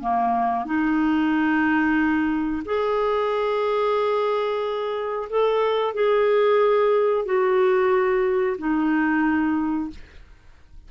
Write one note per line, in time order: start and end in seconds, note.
0.00 0.65 A#3
0.65 2.63 D#4
2.65 5.28 G#4
5.29 5.94 A4
5.94 7.25 G#4
7.25 8.57 F#4
8.58 9.90 D#4